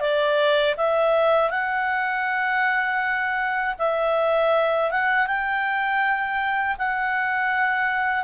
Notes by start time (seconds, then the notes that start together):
0.00 D5
0.77 E5
1.50 F#5
3.78 E5
4.91 F#5
5.26 G5
6.78 F#5